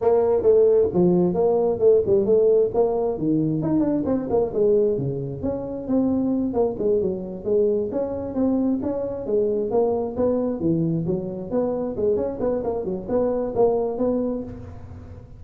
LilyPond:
\new Staff \with { instrumentName = "tuba" } { \time 4/4 \tempo 4 = 133 ais4 a4 f4 ais4 | a8 g8 a4 ais4 dis4 | dis'8 d'8 c'8 ais8 gis4 cis4 | cis'4 c'4. ais8 gis8 fis8~ |
fis8 gis4 cis'4 c'4 cis'8~ | cis'8 gis4 ais4 b4 e8~ | e8 fis4 b4 gis8 cis'8 b8 | ais8 fis8 b4 ais4 b4 | }